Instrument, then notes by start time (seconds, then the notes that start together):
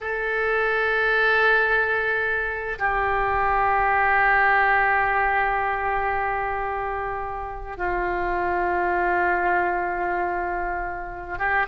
oboe
0.00 A4
2.78 G4
7.77 F4
11.38 G4